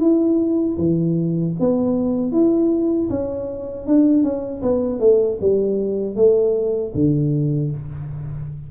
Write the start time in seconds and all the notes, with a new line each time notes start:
0.00 E4
0.78 E3
1.59 B3
2.32 E4
3.10 C#4
3.87 D4
4.23 C#4
4.62 B3
5.00 A3
5.41 G3
6.16 A3
6.94 D3